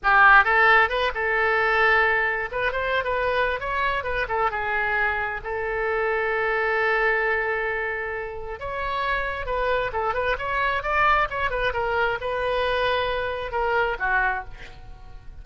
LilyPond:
\new Staff \with { instrumentName = "oboe" } { \time 4/4 \tempo 4 = 133 g'4 a'4 b'8 a'4.~ | a'4. b'8 c''8. b'4~ b'16 | cis''4 b'8 a'8 gis'2 | a'1~ |
a'2. cis''4~ | cis''4 b'4 a'8 b'8 cis''4 | d''4 cis''8 b'8 ais'4 b'4~ | b'2 ais'4 fis'4 | }